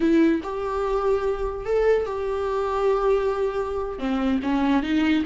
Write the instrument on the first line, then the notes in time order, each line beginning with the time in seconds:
viola
0.00 E4
0.43 G4
1.65 A4
2.06 G4
3.98 C4
4.42 C#4
4.82 D#4